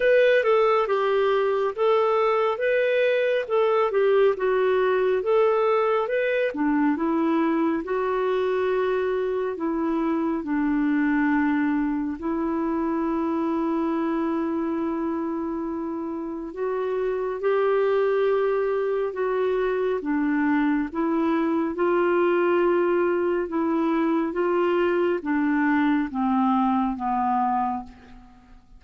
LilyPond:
\new Staff \with { instrumentName = "clarinet" } { \time 4/4 \tempo 4 = 69 b'8 a'8 g'4 a'4 b'4 | a'8 g'8 fis'4 a'4 b'8 d'8 | e'4 fis'2 e'4 | d'2 e'2~ |
e'2. fis'4 | g'2 fis'4 d'4 | e'4 f'2 e'4 | f'4 d'4 c'4 b4 | }